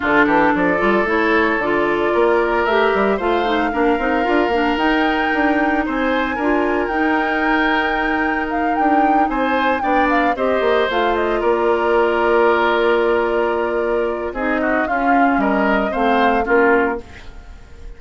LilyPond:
<<
  \new Staff \with { instrumentName = "flute" } { \time 4/4 \tempo 4 = 113 a'4 d''4 cis''4 d''4~ | d''4 e''4 f''2~ | f''4 g''2 gis''4~ | gis''4 g''2. |
f''8 g''4 gis''4 g''8 f''8 dis''8~ | dis''8 f''8 dis''8 d''2~ d''8~ | d''2. dis''4 | f''4 dis''4 f''4 ais'4 | }
  \new Staff \with { instrumentName = "oboe" } { \time 4/4 f'8 g'8 a'2. | ais'2 c''4 ais'4~ | ais'2. c''4 | ais'1~ |
ais'4. c''4 d''4 c''8~ | c''4. ais'2~ ais'8~ | ais'2. gis'8 fis'8 | f'4 ais'4 c''4 f'4 | }
  \new Staff \with { instrumentName = "clarinet" } { \time 4/4 d'4. f'8 e'4 f'4~ | f'4 g'4 f'8 dis'8 d'8 dis'8 | f'8 d'8 dis'2. | f'4 dis'2.~ |
dis'2~ dis'8 d'4 g'8~ | g'8 f'2.~ f'8~ | f'2. dis'4 | cis'2 c'4 cis'4 | }
  \new Staff \with { instrumentName = "bassoon" } { \time 4/4 d8 e8 f8 g8 a4 d4 | ais4 a8 g8 a4 ais8 c'8 | d'8 ais8 dis'4 d'4 c'4 | d'4 dis'2.~ |
dis'8 d'4 c'4 b4 c'8 | ais8 a4 ais2~ ais8~ | ais2. c'4 | cis'4 g4 a4 ais4 | }
>>